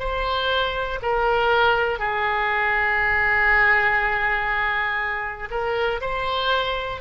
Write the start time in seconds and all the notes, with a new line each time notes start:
0.00 C5
1.02 A#4
1.99 G#4
5.51 A#4
6.01 C5